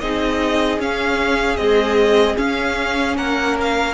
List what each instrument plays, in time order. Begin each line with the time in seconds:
0.00 cello C4, viola D#4, violin G#4 D#5
0.79 viola C#4, cello C#4, violin F5
1.57 viola G#3, cello C4, violin D#5
2.37 viola C#4, cello C#4, violin F5
3.17 cello A#3, violin A#4 F#5
3.61 violin F5